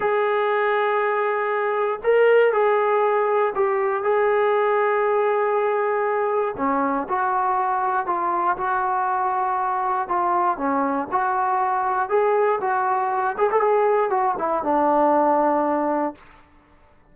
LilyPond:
\new Staff \with { instrumentName = "trombone" } { \time 4/4 \tempo 4 = 119 gis'1 | ais'4 gis'2 g'4 | gis'1~ | gis'4 cis'4 fis'2 |
f'4 fis'2. | f'4 cis'4 fis'2 | gis'4 fis'4. gis'16 a'16 gis'4 | fis'8 e'8 d'2. | }